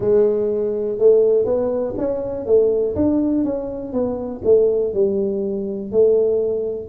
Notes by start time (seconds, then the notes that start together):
0.00 G#3
0.98 A3
1.45 B3
1.97 C#4
2.45 A3
2.95 D4
3.44 C#4
3.92 B3
4.44 A3
4.93 G3
5.91 A3